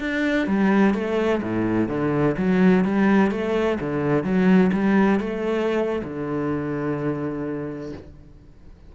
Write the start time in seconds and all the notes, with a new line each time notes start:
0.00 D4
0.47 G3
0.94 A3
1.43 A2
1.89 D3
2.38 F#3
2.85 G3
3.31 A3
3.80 D3
4.24 F#3
4.73 G3
5.20 A3
6.04 D3